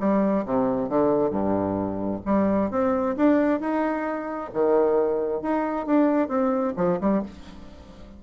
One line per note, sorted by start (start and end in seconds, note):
0.00 0.45 G3
0.46 0.89 C3
0.89 1.30 D3
1.30 2.20 G2
2.26 2.71 G3
2.71 3.16 C4
3.17 3.60 D4
3.60 4.51 D#4
4.54 5.42 D#3
5.42 5.86 D#4
5.86 6.28 D4
6.28 6.73 C4
6.77 6.99 F3
7.01 7.23 G3